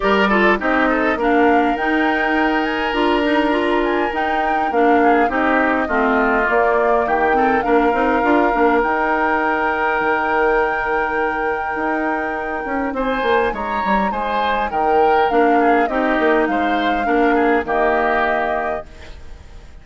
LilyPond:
<<
  \new Staff \with { instrumentName = "flute" } { \time 4/4 \tempo 4 = 102 d''4 dis''4 f''4 g''4~ | g''8 gis''8 ais''4. gis''8 g''4 | f''4 dis''2 d''4 | g''4 f''2 g''4~ |
g''1~ | g''2 gis''4 ais''4 | gis''4 g''4 f''4 dis''4 | f''2 dis''2 | }
  \new Staff \with { instrumentName = "oboe" } { \time 4/4 ais'8 a'8 g'8 a'8 ais'2~ | ais'1~ | ais'8 gis'8 g'4 f'2 | g'8 a'8 ais'2.~ |
ais'1~ | ais'2 c''4 cis''4 | c''4 ais'4. gis'8 g'4 | c''4 ais'8 gis'8 g'2 | }
  \new Staff \with { instrumentName = "clarinet" } { \time 4/4 g'8 f'8 dis'4 d'4 dis'4~ | dis'4 f'8 dis'8 f'4 dis'4 | d'4 dis'4 c'4 ais4~ | ais8 c'8 d'8 dis'8 f'8 d'8 dis'4~ |
dis'1~ | dis'1~ | dis'2 d'4 dis'4~ | dis'4 d'4 ais2 | }
  \new Staff \with { instrumentName = "bassoon" } { \time 4/4 g4 c'4 ais4 dis'4~ | dis'4 d'2 dis'4 | ais4 c'4 a4 ais4 | dis4 ais8 c'8 d'8 ais8 dis'4~ |
dis'4 dis2. | dis'4. cis'8 c'8 ais8 gis8 g8 | gis4 dis4 ais4 c'8 ais8 | gis4 ais4 dis2 | }
>>